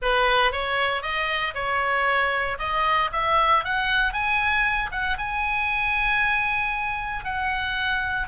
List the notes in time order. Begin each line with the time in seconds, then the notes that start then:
0.02 B4
0.52 C#5
1.02 D#5
1.54 C#5
2.58 D#5
3.12 E5
3.64 F#5
4.13 G#5
4.91 F#5
5.17 G#5
7.24 F#5